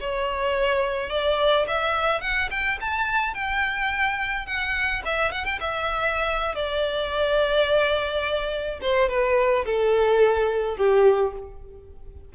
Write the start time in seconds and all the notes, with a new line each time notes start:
0.00 C#5
1.10 D5
1.67 E5
2.21 F#5
2.50 G5
2.80 A5
3.34 G5
4.46 F#5
5.05 E5
5.31 F#5
5.45 G5
5.60 E5
6.55 D5
8.81 C5
9.09 B4
9.65 A4
10.77 G4